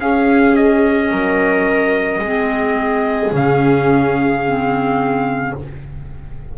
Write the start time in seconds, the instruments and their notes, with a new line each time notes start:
0.00 double bass C#4, clarinet C#4, viola G#4, trumpet F5
0.56 trumpet D#5
1.11 double bass F#3, viola A#4
2.19 double bass G#3, clarinet C4, viola G#4
3.31 double bass C#3, clarinet C#4, trumpet F5
4.46 clarinet C4